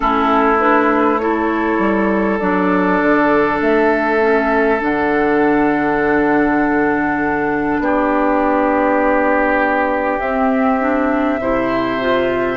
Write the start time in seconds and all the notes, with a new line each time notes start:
0.00 A3 C#4 E4 A4
0.60 D4 B4
1.18 E4 A4 C#5
1.78 G3
2.38 F#3 D4 D5
3.01 D3
3.61 A3 E5
4.20 C#4
4.79 D3 D4 F#5
7.79 B3 G4 D5
10.19 C4 E5
10.80 D4
11.39 C3 E4 C5
12.00 F4